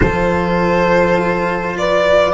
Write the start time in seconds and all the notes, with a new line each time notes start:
0.00 F3 F4 A4 C5
1.77 B4 D5